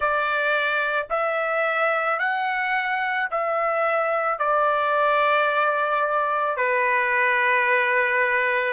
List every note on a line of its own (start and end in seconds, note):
0.00 1.06 D5
1.10 2.19 E5
2.19 3.28 F#5
3.30 4.38 E5
4.38 6.57 D5
6.57 8.73 B4